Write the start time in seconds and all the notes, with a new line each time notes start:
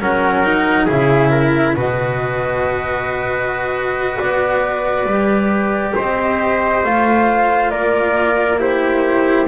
0.00 F#3 C#4 A#4 F#5
0.44 D#4
0.85 C#3 E4 G#4 E5
1.30 A#4
1.76 B2 F#4 B4 D#5
4.18 B3 D5
5.05 G3 G4
5.95 C4 C5 D#5
6.84 A3 F4 F5
7.70 A#3 A#4 D5
8.58 E4 G4 C5